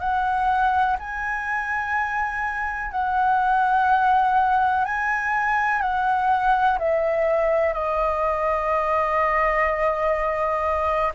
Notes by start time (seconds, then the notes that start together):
0.00 F#5
0.99 G#5
2.92 F#5
4.85 G#5
5.82 F#5
6.79 E5
7.73 D#5